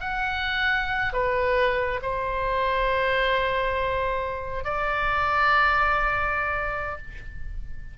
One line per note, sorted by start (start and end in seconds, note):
0.00 1.13 F#5
1.13 2.00 B4
2.02 4.64 C5
4.64 6.97 D5